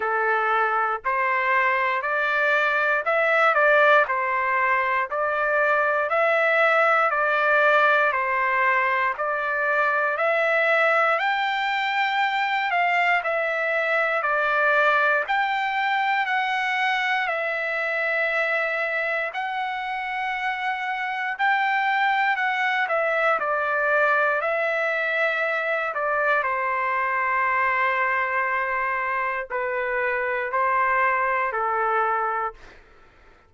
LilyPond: \new Staff \with { instrumentName = "trumpet" } { \time 4/4 \tempo 4 = 59 a'4 c''4 d''4 e''8 d''8 | c''4 d''4 e''4 d''4 | c''4 d''4 e''4 g''4~ | g''8 f''8 e''4 d''4 g''4 |
fis''4 e''2 fis''4~ | fis''4 g''4 fis''8 e''8 d''4 | e''4. d''8 c''2~ | c''4 b'4 c''4 a'4 | }